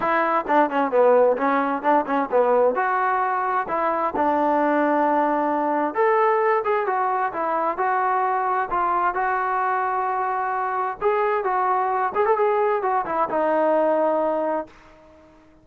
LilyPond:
\new Staff \with { instrumentName = "trombone" } { \time 4/4 \tempo 4 = 131 e'4 d'8 cis'8 b4 cis'4 | d'8 cis'8 b4 fis'2 | e'4 d'2.~ | d'4 a'4. gis'8 fis'4 |
e'4 fis'2 f'4 | fis'1 | gis'4 fis'4. gis'16 a'16 gis'4 | fis'8 e'8 dis'2. | }